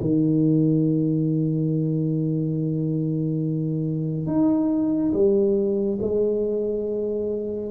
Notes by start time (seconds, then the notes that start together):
0.00 D#3
4.26 D#4
5.13 G3
6.02 G#3